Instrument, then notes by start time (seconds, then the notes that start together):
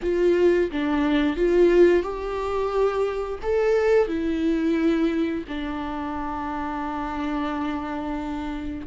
viola
0.02 F4
0.71 D4
1.36 F4
2.03 G4
3.42 A4
4.07 E4
5.48 D4